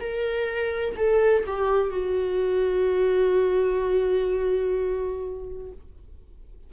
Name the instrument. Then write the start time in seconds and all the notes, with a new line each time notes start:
viola
0.00 A#4
0.96 A4
1.46 G4
1.90 F#4